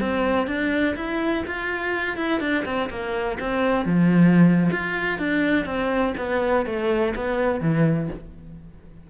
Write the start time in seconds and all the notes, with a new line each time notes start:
0.00 C4
0.47 D4
0.96 E4
1.47 F4
2.17 E4
2.40 D4
2.65 C4
2.90 A#3
3.40 C4
3.85 F3
4.72 F4
5.18 D4
5.65 C4
6.17 B3
6.66 A3
7.15 B3
7.61 E3